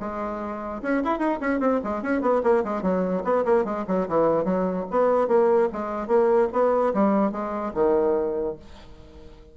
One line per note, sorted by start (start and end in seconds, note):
0.00 0.82 G#3
0.82 1.03 C#4
1.04 1.18 E4
1.18 1.39 D#4
1.41 1.60 C#4
1.60 1.80 C4
1.84 2.03 G#3
2.03 2.21 C#4
2.21 2.42 B3
2.43 2.64 A#3
2.64 2.82 G#3
2.82 3.23 F#3
3.24 3.45 B3
3.45 3.65 A#3
3.65 3.85 G#3
3.87 4.08 F#3
4.08 4.44 E3
4.44 4.85 F#3
4.91 5.28 B3
5.28 5.69 A#3
5.72 6.07 G#3
6.07 6.48 A#3
6.53 6.93 B3
6.94 7.32 G3
7.32 7.73 G#3
7.74 8.56 D#3